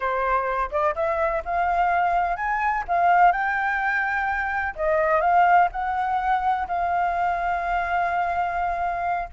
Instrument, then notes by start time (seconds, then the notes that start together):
flute
0.00 C5
0.71 D5
0.95 E5
1.44 F5
2.36 G#5
2.88 F5
3.32 G5
4.75 D#5
5.20 F5
5.71 F#5
6.67 F5